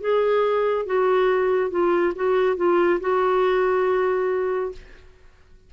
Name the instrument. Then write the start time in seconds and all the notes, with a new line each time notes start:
clarinet
0.00 G#4
0.86 F#4
1.70 F4
2.15 F#4
2.56 F4
3.00 F#4